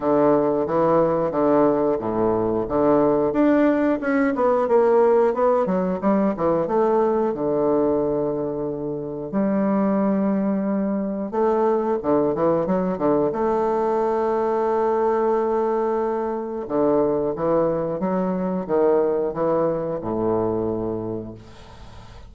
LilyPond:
\new Staff \with { instrumentName = "bassoon" } { \time 4/4 \tempo 4 = 90 d4 e4 d4 a,4 | d4 d'4 cis'8 b8 ais4 | b8 fis8 g8 e8 a4 d4~ | d2 g2~ |
g4 a4 d8 e8 fis8 d8 | a1~ | a4 d4 e4 fis4 | dis4 e4 a,2 | }